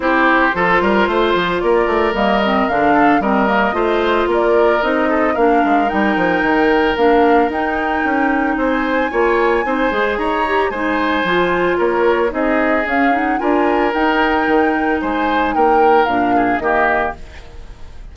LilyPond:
<<
  \new Staff \with { instrumentName = "flute" } { \time 4/4 \tempo 4 = 112 c''2. d''4 | dis''4 f''4 dis''2 | d''4 dis''4 f''4 g''4~ | g''4 f''4 g''2 |
gis''2. ais''4 | gis''2 cis''4 dis''4 | f''8 fis''8 gis''4 g''2 | gis''4 g''4 f''4 dis''4 | }
  \new Staff \with { instrumentName = "oboe" } { \time 4/4 g'4 a'8 ais'8 c''4 ais'4~ | ais'4. a'8 ais'4 c''4 | ais'4. a'8 ais'2~ | ais'1 |
c''4 cis''4 c''4 cis''4 | c''2 ais'4 gis'4~ | gis'4 ais'2. | c''4 ais'4. gis'8 g'4 | }
  \new Staff \with { instrumentName = "clarinet" } { \time 4/4 e'4 f'2. | ais8 c'8 d'4 c'8 ais8 f'4~ | f'4 dis'4 d'4 dis'4~ | dis'4 d'4 dis'2~ |
dis'4 f'4 dis'8 gis'4 g'8 | dis'4 f'2 dis'4 | cis'8 dis'8 f'4 dis'2~ | dis'2 d'4 ais4 | }
  \new Staff \with { instrumentName = "bassoon" } { \time 4/4 c'4 f8 g8 a8 f8 ais8 a8 | g4 d4 g4 a4 | ais4 c'4 ais8 gis8 g8 f8 | dis4 ais4 dis'4 cis'4 |
c'4 ais4 c'8 gis8 dis'4 | gis4 f4 ais4 c'4 | cis'4 d'4 dis'4 dis4 | gis4 ais4 ais,4 dis4 | }
>>